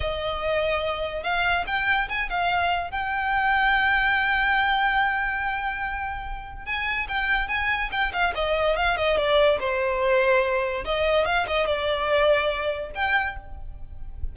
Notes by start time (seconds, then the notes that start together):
0.00 D#5
1.23 F5
1.66 G5
2.08 G#5
2.29 F5
2.91 G5
6.65 G#5
7.08 G5
7.48 G#5
7.91 G5
8.12 F5
8.34 D#5
8.76 F5
8.96 D#5
9.17 D5
9.59 C5
10.84 D#5
11.25 F5
11.47 D#5
11.66 D5
12.95 G5